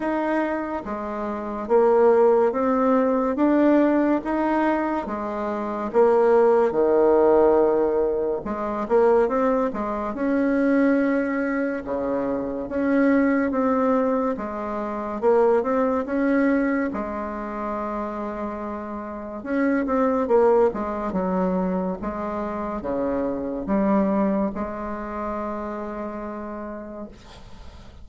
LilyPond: \new Staff \with { instrumentName = "bassoon" } { \time 4/4 \tempo 4 = 71 dis'4 gis4 ais4 c'4 | d'4 dis'4 gis4 ais4 | dis2 gis8 ais8 c'8 gis8 | cis'2 cis4 cis'4 |
c'4 gis4 ais8 c'8 cis'4 | gis2. cis'8 c'8 | ais8 gis8 fis4 gis4 cis4 | g4 gis2. | }